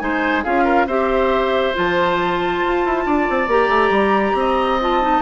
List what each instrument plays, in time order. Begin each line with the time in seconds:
0.00 bassoon G#3, clarinet D#4, oboe C5, flute G#5
0.44 bassoon C#4, clarinet F4, oboe G#4, flute F5
0.64 oboe A#4
0.87 bassoon C4, clarinet G4, oboe C5, flute E5
1.74 bassoon F3, clarinet F4, flute A5
2.64 bassoon F4
2.85 bassoon E4
3.06 bassoon D4, oboe D5
3.30 bassoon C4
3.48 bassoon A#3, clarinet G4, flute A#5
3.69 bassoon A3
3.90 bassoon G3
4.34 bassoon C4, oboe D#5
4.81 clarinet F4, flute A5
5.02 clarinet D#4